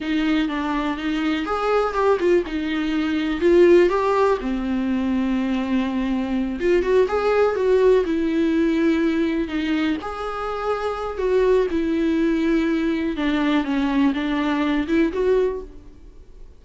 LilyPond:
\new Staff \with { instrumentName = "viola" } { \time 4/4 \tempo 4 = 123 dis'4 d'4 dis'4 gis'4 | g'8 f'8 dis'2 f'4 | g'4 c'2.~ | c'4. f'8 fis'8 gis'4 fis'8~ |
fis'8 e'2. dis'8~ | dis'8 gis'2~ gis'8 fis'4 | e'2. d'4 | cis'4 d'4. e'8 fis'4 | }